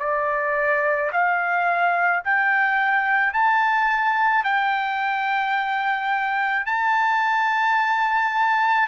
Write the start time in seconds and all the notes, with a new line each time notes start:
0.00 D5
1.13 F5
2.25 G5
3.34 A5
4.45 G5
6.67 A5